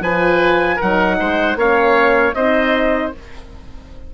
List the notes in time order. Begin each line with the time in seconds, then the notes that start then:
0.00 F3 F4 B4 G#5
0.76 D#4 A#4 F#5
0.82 F#3
1.19 G#3 C5
1.55 A#3 C#4 C#5 F5
2.34 C4 D#4 C5 D#5